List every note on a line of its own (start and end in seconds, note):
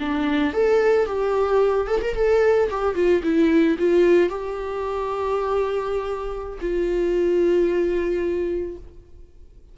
0.00 0.54 D4
0.54 1.07 A4
1.07 1.88 G4
1.88 2.01 A4
2.02 2.15 A#4
2.15 2.70 A4
2.71 2.95 G4
2.95 3.22 F4
3.23 3.77 E4
3.79 4.29 F4
4.29 6.59 G4
6.61 8.78 F4